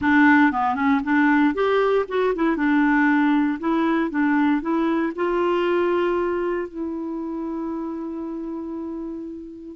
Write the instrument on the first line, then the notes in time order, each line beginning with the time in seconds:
clarinet
0.01 D4
0.52 B3
0.75 C#4
1.04 D4
1.54 G4
2.08 F#4
2.34 E4
2.56 D4
3.59 E4
4.10 D4
4.61 E4
5.15 F4
6.68 E4